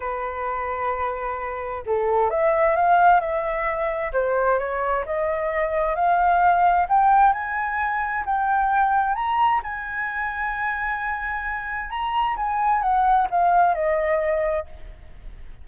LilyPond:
\new Staff \with { instrumentName = "flute" } { \time 4/4 \tempo 4 = 131 b'1 | a'4 e''4 f''4 e''4~ | e''4 c''4 cis''4 dis''4~ | dis''4 f''2 g''4 |
gis''2 g''2 | ais''4 gis''2.~ | gis''2 ais''4 gis''4 | fis''4 f''4 dis''2 | }